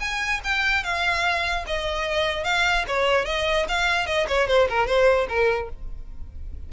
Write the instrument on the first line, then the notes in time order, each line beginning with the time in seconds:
violin
0.00 G#5
0.44 G5
0.83 F5
1.67 D#5
2.44 F5
2.88 C#5
3.25 D#5
3.69 F5
4.07 D#5
4.28 C#5
4.48 C5
4.69 A#4
4.87 C5
5.29 A#4